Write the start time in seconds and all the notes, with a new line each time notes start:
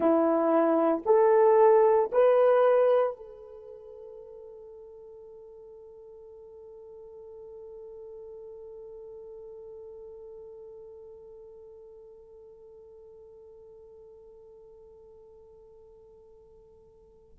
0.00 E4
1.05 A4
2.11 B4
3.16 A4